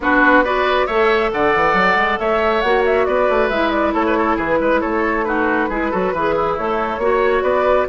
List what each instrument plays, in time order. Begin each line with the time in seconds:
0.00 bassoon B3, clarinet D4, oboe F#4, flute B4
0.44 clarinet F#4, oboe B4, flute D5
0.86 bassoon A3, clarinet A4, oboe C#5, flute E5
1.31 bassoon D3, oboe D5, flute F#5
1.55 bassoon E3
1.73 bassoon F#3
1.95 bassoon G#3
2.19 bassoon A3, oboe C#5, flute E5
2.60 bassoon A#3, clarinet F#4, flute F#5
2.85 flute E5
3.05 bassoon B3, oboe B4, flute D5
3.28 bassoon A3
3.49 bassoon G#3, clarinet E4, flute E5
3.70 flute D5
3.93 bassoon A3, oboe A4, flute C#5
4.06 oboe B4
4.17 oboe A4
4.36 bassoon E3, oboe G#4, flute B4
4.60 bassoon G#3, oboe B4
4.80 bassoon A3, oboe A4, flute C#5
5.24 clarinet D#4, oboe F#4, flute B4
5.69 bassoon G#3, clarinet E4, oboe G#4
5.90 bassoon F#3, clarinet F#4, oboe A4
6.12 bassoon E3, clarinet G#4, oboe B4
6.35 oboe E4
6.57 bassoon A3, clarinet A4, flute C#5
6.98 bassoon A#3, clarinet F#4, oboe C#5
7.42 bassoon B3, oboe B4, flute D5